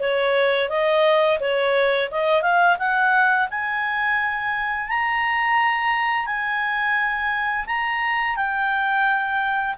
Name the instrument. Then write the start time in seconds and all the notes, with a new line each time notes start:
clarinet
0.00 C#5
0.70 D#5
1.40 C#5
2.12 D#5
2.43 F5
2.79 F#5
3.51 G#5
4.89 A#5
6.26 G#5
7.67 A#5
8.37 G5